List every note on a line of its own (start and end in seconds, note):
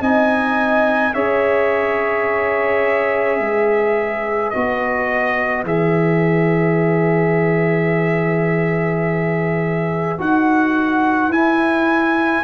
0.00 1.13 C4
0.00 1.14 D#4
0.00 1.12 D#5
0.00 1.14 G#5
1.12 3.39 C#4
1.12 4.54 G#4
1.12 3.38 C#5
1.12 4.50 E5
3.38 4.53 G#3
3.38 12.44 B4
4.50 5.63 B3
4.50 5.66 F#4
4.50 5.63 D#5
5.63 10.16 E3
5.63 10.18 G#4
5.63 10.20 E5
10.18 11.28 D#4
10.18 11.31 F#4
10.18 11.32 F#5
11.28 12.41 E4
11.28 12.44 E4
11.28 12.44 G#5